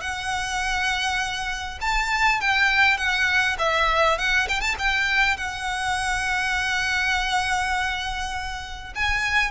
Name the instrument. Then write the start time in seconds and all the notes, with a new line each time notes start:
violin
0.00 F#5
1.81 A5
2.40 G5
2.97 F#5
3.58 E5
4.18 F#5
4.48 G5
4.60 A5
4.78 G5
5.37 F#5
8.95 G#5